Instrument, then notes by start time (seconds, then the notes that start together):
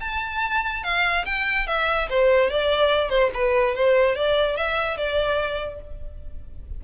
violin
0.00 A5
0.83 F5
1.25 G5
1.67 E5
2.09 C5
2.50 D5
3.09 C5
3.34 B4
3.75 C5
4.15 D5
4.57 E5
4.97 D5